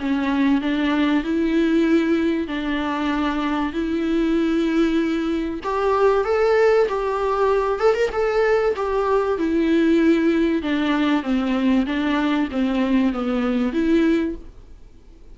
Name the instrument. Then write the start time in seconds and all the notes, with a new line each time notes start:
viola
0.00 C#4
0.62 D4
1.24 E4
2.48 D4
3.73 E4
5.64 G4
6.25 A4
6.89 G4
7.80 A4
7.95 A#4
8.12 A4
8.76 G4
9.38 E4
10.63 D4
11.24 C4
11.87 D4
12.52 C4
13.13 B3
13.73 E4